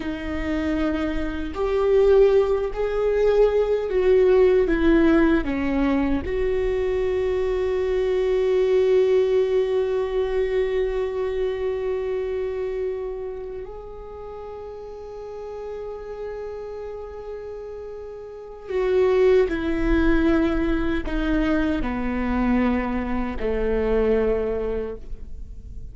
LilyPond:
\new Staff \with { instrumentName = "viola" } { \time 4/4 \tempo 4 = 77 dis'2 g'4. gis'8~ | gis'4 fis'4 e'4 cis'4 | fis'1~ | fis'1~ |
fis'4. gis'2~ gis'8~ | gis'1 | fis'4 e'2 dis'4 | b2 a2 | }